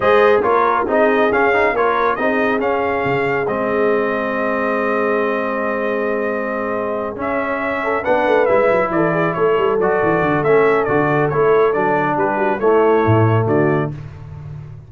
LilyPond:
<<
  \new Staff \with { instrumentName = "trumpet" } { \time 4/4 \tempo 4 = 138 dis''4 cis''4 dis''4 f''4 | cis''4 dis''4 f''2 | dis''1~ | dis''1~ |
dis''8 e''2 fis''4 e''8~ | e''8 d''4 cis''4 d''4. | e''4 d''4 cis''4 d''4 | b'4 cis''2 d''4 | }
  \new Staff \with { instrumentName = "horn" } { \time 4/4 c''4 ais'4 gis'2 | ais'4 gis'2.~ | gis'1~ | gis'1~ |
gis'2 a'8 b'4.~ | b'8 a'8 gis'8 a'2~ a'8~ | a'1 | g'8 fis'8 e'2 fis'4 | }
  \new Staff \with { instrumentName = "trombone" } { \time 4/4 gis'4 f'4 dis'4 cis'8 dis'8 | f'4 dis'4 cis'2 | c'1~ | c'1~ |
c'8 cis'2 d'4 e'8~ | e'2~ e'8 fis'4. | cis'4 fis'4 e'4 d'4~ | d'4 a2. | }
  \new Staff \with { instrumentName = "tuba" } { \time 4/4 gis4 ais4 c'4 cis'4 | ais4 c'4 cis'4 cis4 | gis1~ | gis1~ |
gis8 cis'2 b8 a8 gis8 | fis8 e4 a8 g8 fis8 e8 d8 | a4 d4 a4 fis4 | g4 a4 a,4 d4 | }
>>